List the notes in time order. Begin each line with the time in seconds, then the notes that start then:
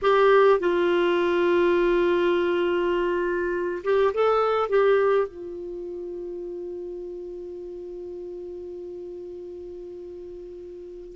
0.02 G4
0.59 F4
3.84 G4
4.13 A4
4.69 G4
5.28 F4